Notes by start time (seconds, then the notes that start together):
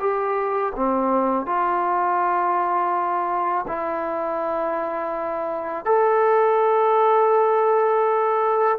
0.00 G4
0.76 C4
1.46 F4
3.68 E4
5.86 A4